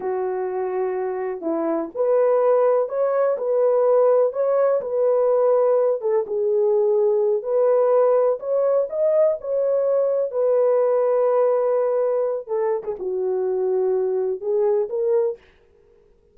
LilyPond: \new Staff \with { instrumentName = "horn" } { \time 4/4 \tempo 4 = 125 fis'2. e'4 | b'2 cis''4 b'4~ | b'4 cis''4 b'2~ | b'8 a'8 gis'2~ gis'8 b'8~ |
b'4. cis''4 dis''4 cis''8~ | cis''4. b'2~ b'8~ | b'2 a'8. gis'16 fis'4~ | fis'2 gis'4 ais'4 | }